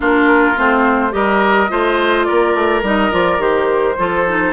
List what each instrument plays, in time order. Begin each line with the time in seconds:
0.00 bassoon A#3, clarinet D4, oboe F4, flute A#4
0.56 bassoon A3, clarinet C4, flute C5
1.10 bassoon G3, clarinet G4, oboe A#4, flute D#5
1.69 bassoon A3, clarinet F4, oboe C5
2.24 oboe A#4, flute D5
2.30 bassoon A#3
2.54 bassoon A3
2.82 bassoon G3, clarinet D#4, flute D#5
3.11 bassoon F3, clarinet F4, flute D5
3.38 bassoon D#3, clarinet G4, flute C5
3.98 bassoon F3, clarinet F4, oboe A4
4.27 clarinet D#4